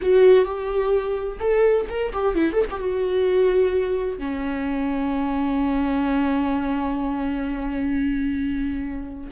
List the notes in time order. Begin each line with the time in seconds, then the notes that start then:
0.01 F#4
0.45 G4
1.39 A4
1.89 A#4
2.13 G4
2.34 E4
2.52 A4
2.70 G4
2.79 F#4
4.18 C#4